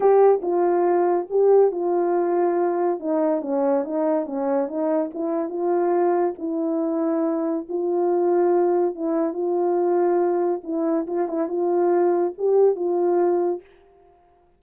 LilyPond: \new Staff \with { instrumentName = "horn" } { \time 4/4 \tempo 4 = 141 g'4 f'2 g'4 | f'2. dis'4 | cis'4 dis'4 cis'4 dis'4 | e'4 f'2 e'4~ |
e'2 f'2~ | f'4 e'4 f'2~ | f'4 e'4 f'8 e'8 f'4~ | f'4 g'4 f'2 | }